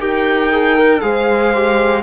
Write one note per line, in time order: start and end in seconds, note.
0.00 1.02 D#4
0.00 0.51 G4
0.00 1.02 A#4
0.00 1.01 G5
0.52 0.77 G#4
0.77 1.02 A#4
1.01 2.03 G#3
1.01 1.53 G#4
1.01 2.03 C5
1.01 2.03 F5
1.55 2.03 G4